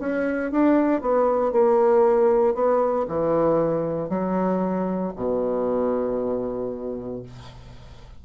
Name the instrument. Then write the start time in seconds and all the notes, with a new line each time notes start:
bassoon
0.00 C#4
0.52 D4
1.02 B3
1.52 A#3
2.55 B3
3.08 E3
4.10 F#3
5.16 B2